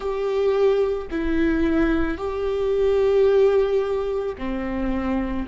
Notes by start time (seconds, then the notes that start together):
0.00 G4
1.11 E4
2.17 G4
4.38 C4